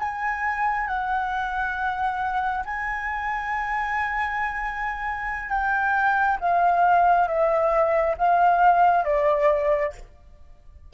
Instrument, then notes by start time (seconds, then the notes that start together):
flute
0.00 G#5
0.87 F#5
2.65 G#5
5.50 G5
6.41 F5
7.28 E5
8.18 F5
9.05 D5